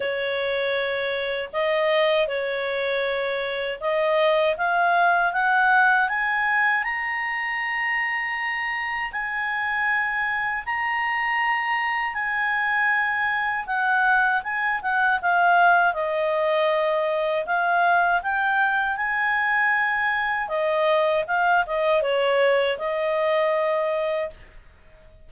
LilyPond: \new Staff \with { instrumentName = "clarinet" } { \time 4/4 \tempo 4 = 79 cis''2 dis''4 cis''4~ | cis''4 dis''4 f''4 fis''4 | gis''4 ais''2. | gis''2 ais''2 |
gis''2 fis''4 gis''8 fis''8 | f''4 dis''2 f''4 | g''4 gis''2 dis''4 | f''8 dis''8 cis''4 dis''2 | }